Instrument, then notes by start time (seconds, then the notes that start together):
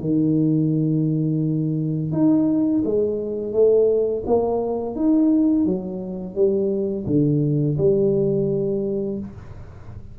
tuba
0.00 D#3
2.12 D#4
2.85 G#3
3.52 A3
4.26 A#3
4.95 D#4
5.65 F#3
6.35 G3
7.06 D3
7.77 G3